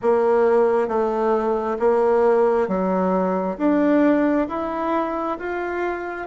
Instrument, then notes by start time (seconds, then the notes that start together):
bassoon
0.02 A#3
0.88 A3
1.79 A#3
2.68 F#3
3.57 D4
4.48 E4
5.39 F4